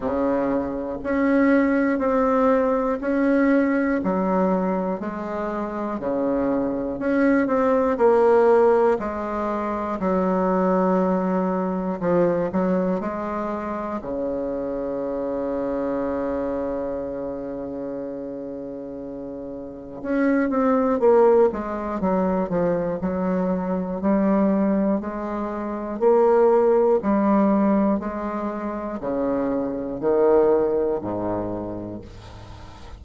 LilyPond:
\new Staff \with { instrumentName = "bassoon" } { \time 4/4 \tempo 4 = 60 cis4 cis'4 c'4 cis'4 | fis4 gis4 cis4 cis'8 c'8 | ais4 gis4 fis2 | f8 fis8 gis4 cis2~ |
cis1 | cis'8 c'8 ais8 gis8 fis8 f8 fis4 | g4 gis4 ais4 g4 | gis4 cis4 dis4 gis,4 | }